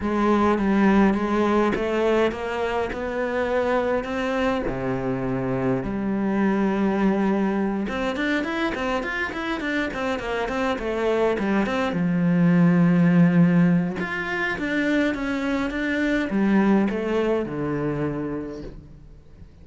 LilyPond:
\new Staff \with { instrumentName = "cello" } { \time 4/4 \tempo 4 = 103 gis4 g4 gis4 a4 | ais4 b2 c'4 | c2 g2~ | g4. c'8 d'8 e'8 c'8 f'8 |
e'8 d'8 c'8 ais8 c'8 a4 g8 | c'8 f2.~ f8 | f'4 d'4 cis'4 d'4 | g4 a4 d2 | }